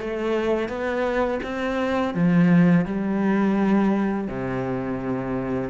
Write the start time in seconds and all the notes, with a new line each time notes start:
0.00 A3
0.68 B3
1.43 C4
2.14 F3
2.85 G3
4.28 C3